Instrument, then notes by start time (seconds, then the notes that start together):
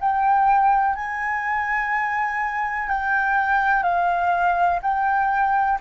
flute
0.00 G5
0.95 G#5
2.89 G5
3.83 F5
4.83 G5